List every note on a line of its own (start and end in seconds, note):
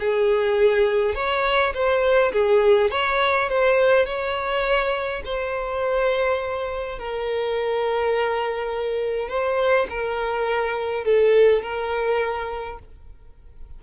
0.00 1.15 G#4
1.15 1.74 C#5
1.74 2.32 C5
2.33 2.91 G#4
2.92 3.50 C#5
3.50 4.06 C5
4.06 5.23 C#5
5.25 6.99 C5
6.99 9.29 A#4
9.29 9.88 C5
9.90 11.05 A#4
11.05 11.63 A4
11.63 12.79 A#4